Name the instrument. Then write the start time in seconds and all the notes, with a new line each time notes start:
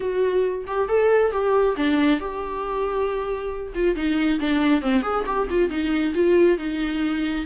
viola
0.00 F#4
0.66 G4
0.88 A4
1.31 G4
1.76 D4
2.20 G4
3.74 F4
3.95 D#4
4.39 D4
4.81 C4
5.02 G#4
5.26 G4
5.50 F4
5.69 D#4
6.14 F4
6.58 D#4